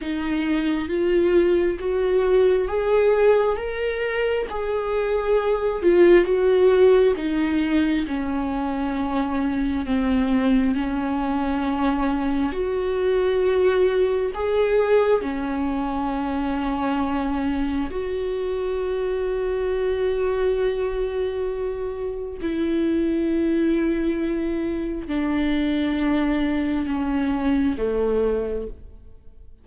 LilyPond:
\new Staff \with { instrumentName = "viola" } { \time 4/4 \tempo 4 = 67 dis'4 f'4 fis'4 gis'4 | ais'4 gis'4. f'8 fis'4 | dis'4 cis'2 c'4 | cis'2 fis'2 |
gis'4 cis'2. | fis'1~ | fis'4 e'2. | d'2 cis'4 a4 | }